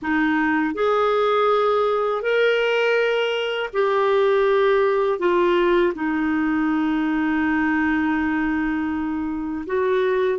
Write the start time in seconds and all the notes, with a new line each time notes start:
0.02 D#4
0.74 G#4
2.22 A#4
3.73 G4
5.19 F4
5.94 D#4
9.66 F#4